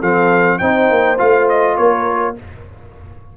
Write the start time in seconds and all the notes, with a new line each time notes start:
0.00 F3 C4 A4 F5
0.59 C4 D#4 C5 G5
0.90 A#3
1.18 A3 F4 F5
1.49 D#5
1.77 A#3 A#4 C#5